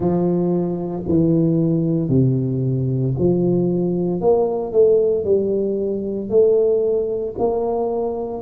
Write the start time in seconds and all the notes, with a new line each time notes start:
0.00 F3
1.08 E3
2.09 C3
3.18 F3
4.21 A#3
4.72 A3
5.24 G3
6.29 A3
7.38 A#3